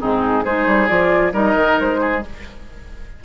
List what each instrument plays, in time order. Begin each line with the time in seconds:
0.00 bassoon G#2, clarinet C4, oboe D#4, flute G#4
0.44 bassoon G#3, clarinet D#4, oboe G#4, flute C5
0.67 bassoon G3
0.88 bassoon F3, clarinet F4, flute D5
1.32 bassoon G3, clarinet D#4, oboe A#4, flute D#5
1.56 bassoon D#3
1.80 bassoon G#3, flute C5
2.01 oboe G#4